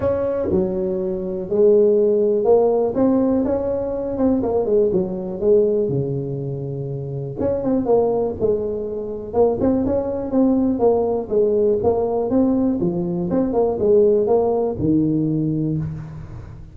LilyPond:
\new Staff \with { instrumentName = "tuba" } { \time 4/4 \tempo 4 = 122 cis'4 fis2 gis4~ | gis4 ais4 c'4 cis'4~ | cis'8 c'8 ais8 gis8 fis4 gis4 | cis2. cis'8 c'8 |
ais4 gis2 ais8 c'8 | cis'4 c'4 ais4 gis4 | ais4 c'4 f4 c'8 ais8 | gis4 ais4 dis2 | }